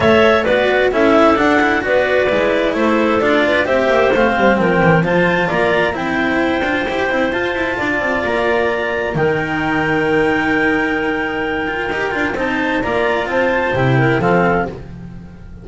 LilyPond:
<<
  \new Staff \with { instrumentName = "clarinet" } { \time 4/4 \tempo 4 = 131 e''4 d''4 e''4 fis''4 | d''2 c''4 d''4 | e''4 f''4 g''4 a''4 | ais''4 g''2. |
a''2 ais''2 | g''1~ | g''2. a''4 | ais''4 a''4 g''4 f''4 | }
  \new Staff \with { instrumentName = "clarinet" } { \time 4/4 cis''4 b'4 a'2 | b'2 a'4. b'8 | c''2 ais'4 c''4 | d''4 c''2.~ |
c''4 d''2. | ais'1~ | ais'2. c''4 | d''4 c''4. ais'8 a'4 | }
  \new Staff \with { instrumentName = "cello" } { \time 4/4 a'4 fis'4 e'4 d'8 e'8 | fis'4 e'2 f'4 | g'4 c'2 f'4~ | f'4 e'4. f'8 g'8 e'8 |
f'1 | dis'1~ | dis'4. f'8 g'8 f'8 dis'4 | f'2 e'4 c'4 | }
  \new Staff \with { instrumentName = "double bass" } { \time 4/4 a4 b4 cis'4 d'4 | b4 gis4 a4 d'4 | c'8 ais8 a8 g8 f8 e8 f4 | ais4 c'4. d'8 e'8 c'8 |
f'8 e'8 d'8 c'8 ais2 | dis1~ | dis2 dis'8 d'8 c'4 | ais4 c'4 c4 f4 | }
>>